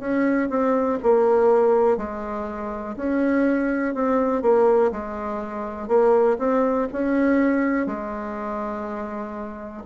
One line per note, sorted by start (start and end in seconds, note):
0.00 0.49 C#4
0.50 0.99 C4
1.03 1.98 A#3
1.98 2.96 G#3
2.96 3.94 C#4
3.94 4.42 C4
4.42 4.91 A#3
4.92 5.88 G#3
5.88 6.37 A#3
6.38 6.88 C4
6.93 7.86 C#4
7.86 9.83 G#3